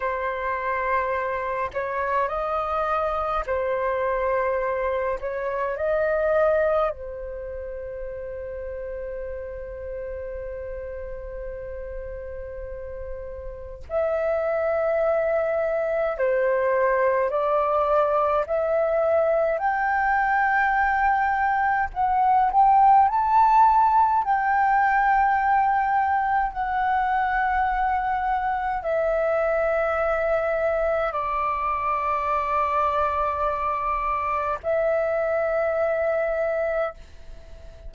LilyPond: \new Staff \with { instrumentName = "flute" } { \time 4/4 \tempo 4 = 52 c''4. cis''8 dis''4 c''4~ | c''8 cis''8 dis''4 c''2~ | c''1 | e''2 c''4 d''4 |
e''4 g''2 fis''8 g''8 | a''4 g''2 fis''4~ | fis''4 e''2 d''4~ | d''2 e''2 | }